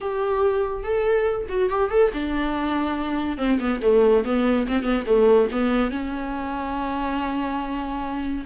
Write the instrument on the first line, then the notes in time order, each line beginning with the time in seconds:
viola
0.00 G4
0.83 A4
1.48 F#4
1.69 G4
1.90 A4
2.13 D4
3.37 C4
3.59 B3
3.82 A3
4.24 B3
4.67 C4
4.82 B3
5.06 A3
5.51 B3
5.90 C#4